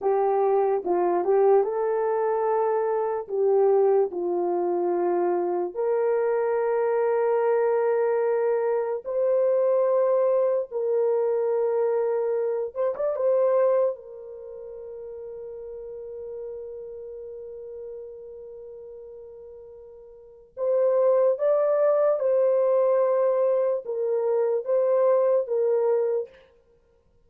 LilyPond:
\new Staff \with { instrumentName = "horn" } { \time 4/4 \tempo 4 = 73 g'4 f'8 g'8 a'2 | g'4 f'2 ais'4~ | ais'2. c''4~ | c''4 ais'2~ ais'8 c''16 d''16 |
c''4 ais'2.~ | ais'1~ | ais'4 c''4 d''4 c''4~ | c''4 ais'4 c''4 ais'4 | }